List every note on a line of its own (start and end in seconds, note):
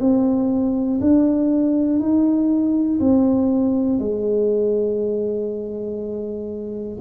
0.00 1.00 C4
1.00 1.99 D4
1.99 2.99 D#4
3.00 3.99 C4
3.99 6.99 G#3